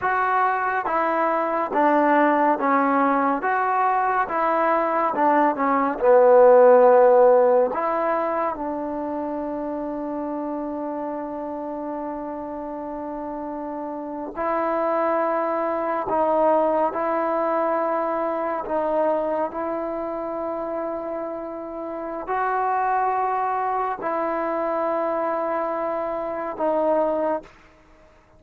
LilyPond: \new Staff \with { instrumentName = "trombone" } { \time 4/4 \tempo 4 = 70 fis'4 e'4 d'4 cis'4 | fis'4 e'4 d'8 cis'8 b4~ | b4 e'4 d'2~ | d'1~ |
d'8. e'2 dis'4 e'16~ | e'4.~ e'16 dis'4 e'4~ e'16~ | e'2 fis'2 | e'2. dis'4 | }